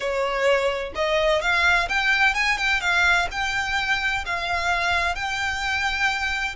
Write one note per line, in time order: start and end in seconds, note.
0.00 0.92 C#5
0.95 1.41 D#5
1.41 1.88 F5
1.88 2.34 G5
2.34 2.57 G#5
2.57 2.81 G5
2.81 3.27 F5
3.31 4.24 G5
4.25 5.15 F5
5.15 6.55 G5